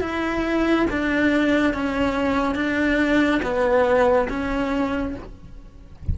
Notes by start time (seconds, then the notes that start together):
0.00 E4
0.90 D4
1.73 C#4
2.55 D4
3.42 B3
4.29 C#4